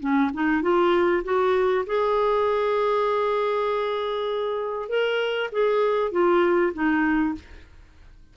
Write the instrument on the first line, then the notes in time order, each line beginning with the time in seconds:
clarinet
0.00 C#4
0.34 D#4
0.62 F4
1.24 F#4
1.86 G#4
4.89 A#4
5.52 G#4
6.11 F4
6.74 D#4